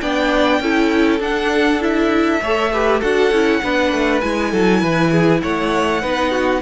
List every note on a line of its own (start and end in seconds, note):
0.00 0.60 B3
0.00 0.61 D4
0.00 0.61 D5
0.00 1.20 G5
0.60 1.20 C#4
0.60 1.19 E4
0.60 2.42 A4
1.19 1.79 D4
1.19 2.40 D4
1.19 1.82 F#5
1.79 2.40 E4
1.79 3.01 E5
2.41 3.01 A3
2.41 2.73 A4
2.41 2.72 C#5
2.73 3.02 G4
2.73 3.00 B4
3.00 3.31 D4
3.00 3.32 F#4
3.00 3.60 A4
3.00 4.20 F#5
3.31 3.61 C#4
3.31 3.62 E4
3.62 3.92 B3
3.62 4.22 D4
3.62 4.50 B4
3.92 4.22 A3
4.20 4.52 G#3
4.20 6.01 E4
4.20 5.40 G#5
4.50 4.82 F#3
4.50 4.80 A4
4.80 5.42 E3
4.80 5.10 B4
5.11 5.41 G#4
5.42 6.03 A3
5.42 6.01 C#5
5.42 6.62 F#5
6.01 6.62 B3
6.01 6.61 D#4
6.01 6.30 B4
6.30 6.60 F#4